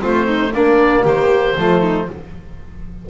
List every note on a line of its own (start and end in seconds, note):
0.00 0.53 A3
0.00 0.51 C4
0.00 0.27 F4
0.07 0.54 C5
0.27 0.52 D#4
0.53 1.05 A#3
0.53 1.58 A#3
0.53 1.04 D4
0.53 1.06 D5
1.04 1.56 D#3
1.04 1.55 G4
1.04 2.10 C5
1.58 2.09 F3
1.58 2.09 A3
1.58 1.81 F4
1.81 2.06 D#4